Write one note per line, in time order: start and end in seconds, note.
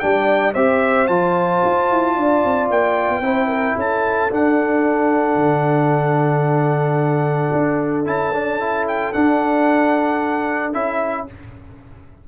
0.00 0.56 G3
0.00 0.55 D4
0.00 0.53 D5
0.00 0.54 G5
0.53 1.09 C4
0.53 1.09 G4
0.53 2.14 C5
0.53 1.07 E5
1.07 1.63 F3
1.07 3.23 F4
1.07 2.68 A5
1.65 1.91 F4
1.91 2.17 E4
2.16 2.44 D4
2.16 3.23 D5
2.44 2.70 C4
2.70 3.09 A#3
2.70 3.78 G5
3.09 3.21 B3
3.21 3.74 C4
3.21 4.30 E4
3.21 3.48 C5
3.48 3.75 A#4
3.75 4.31 C#4
3.75 11.25 A4
3.75 4.33 A5
4.31 8.05 D4
4.31 5.36 D4
4.31 8.07 F#5
5.36 7.50 D3
7.53 8.06 D4
8.05 9.14 C#4
8.05 8.32 E4
8.05 8.87 A5
8.34 8.60 D4
8.60 9.14 E4
8.88 9.13 G5
9.13 10.73 D4
9.13 10.75 D4
9.13 10.74 F#5
10.73 11.28 C#4
10.73 11.27 E4
10.73 11.27 E5